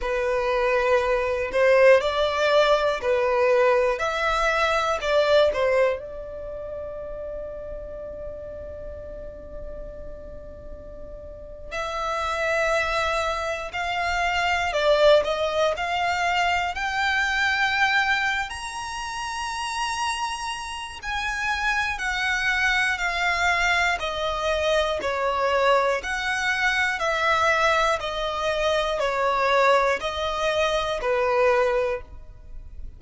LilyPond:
\new Staff \with { instrumentName = "violin" } { \time 4/4 \tempo 4 = 60 b'4. c''8 d''4 b'4 | e''4 d''8 c''8 d''2~ | d''2.~ d''8. e''16~ | e''4.~ e''16 f''4 d''8 dis''8 f''16~ |
f''8. g''4.~ g''16 ais''4.~ | ais''4 gis''4 fis''4 f''4 | dis''4 cis''4 fis''4 e''4 | dis''4 cis''4 dis''4 b'4 | }